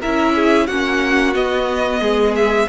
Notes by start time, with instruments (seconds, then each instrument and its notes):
0.00 cello C#4, viola E4, violin A#4 E5
0.36 violin G#4
0.67 cello A#3, viola C#4, violin F#4 F#5
1.35 viola B3, cello B3, violin D#5
2.00 cello G#3, violin G#4
2.36 violin E5